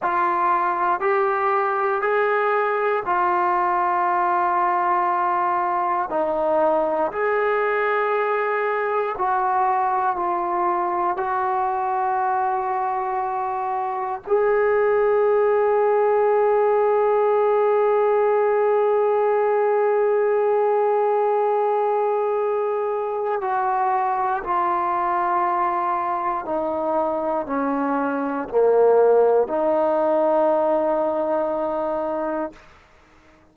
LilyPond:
\new Staff \with { instrumentName = "trombone" } { \time 4/4 \tempo 4 = 59 f'4 g'4 gis'4 f'4~ | f'2 dis'4 gis'4~ | gis'4 fis'4 f'4 fis'4~ | fis'2 gis'2~ |
gis'1~ | gis'2. fis'4 | f'2 dis'4 cis'4 | ais4 dis'2. | }